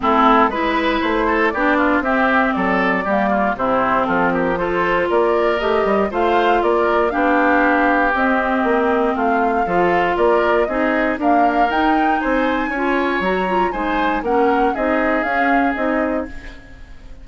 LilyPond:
<<
  \new Staff \with { instrumentName = "flute" } { \time 4/4 \tempo 4 = 118 a'4 b'4 c''4 d''4 | e''4 d''2 c''4 | a'8 ais'8 c''4 d''4 dis''4 | f''4 d''4 f''2 |
dis''2 f''2 | d''4 dis''4 f''4 g''4 | gis''2 ais''4 gis''4 | fis''4 dis''4 f''4 dis''4 | }
  \new Staff \with { instrumentName = "oboe" } { \time 4/4 e'4 b'4. a'8 g'8 f'8 | g'4 a'4 g'8 f'8 e'4 | f'8 g'8 a'4 ais'2 | c''4 ais'4 g'2~ |
g'2 f'4 a'4 | ais'4 gis'4 ais'2 | c''4 cis''2 c''4 | ais'4 gis'2. | }
  \new Staff \with { instrumentName = "clarinet" } { \time 4/4 c'4 e'2 d'4 | c'2 ais4 c'4~ | c'4 f'2 g'4 | f'2 d'2 |
c'2. f'4~ | f'4 dis'4 ais4 dis'4~ | dis'4 f'4 fis'8 f'8 dis'4 | cis'4 dis'4 cis'4 dis'4 | }
  \new Staff \with { instrumentName = "bassoon" } { \time 4/4 a4 gis4 a4 b4 | c'4 fis4 g4 c4 | f2 ais4 a8 g8 | a4 ais4 b2 |
c'4 ais4 a4 f4 | ais4 c'4 d'4 dis'4 | c'4 cis'4 fis4 gis4 | ais4 c'4 cis'4 c'4 | }
>>